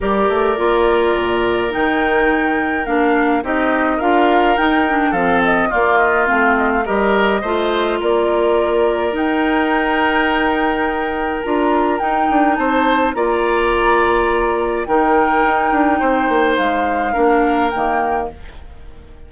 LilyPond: <<
  \new Staff \with { instrumentName = "flute" } { \time 4/4 \tempo 4 = 105 d''2. g''4~ | g''4 f''4 dis''4 f''4 | g''4 f''8 dis''8 d''8 dis''8 f''8 dis''16 f''16 | dis''2 d''2 |
g''1 | ais''4 g''4 a''4 ais''4~ | ais''2 g''2~ | g''4 f''2 g''4 | }
  \new Staff \with { instrumentName = "oboe" } { \time 4/4 ais'1~ | ais'2 g'4 ais'4~ | ais'4 a'4 f'2 | ais'4 c''4 ais'2~ |
ais'1~ | ais'2 c''4 d''4~ | d''2 ais'2 | c''2 ais'2 | }
  \new Staff \with { instrumentName = "clarinet" } { \time 4/4 g'4 f'2 dis'4~ | dis'4 d'4 dis'4 f'4 | dis'8 d'8 c'4 ais4 c'4 | g'4 f'2. |
dis'1 | f'4 dis'2 f'4~ | f'2 dis'2~ | dis'2 d'4 ais4 | }
  \new Staff \with { instrumentName = "bassoon" } { \time 4/4 g8 a8 ais4 ais,4 dis4~ | dis4 ais4 c'4 d'4 | dis'4 f4 ais4 a4 | g4 a4 ais2 |
dis'1 | d'4 dis'8 d'8 c'4 ais4~ | ais2 dis4 dis'8 d'8 | c'8 ais8 gis4 ais4 dis4 | }
>>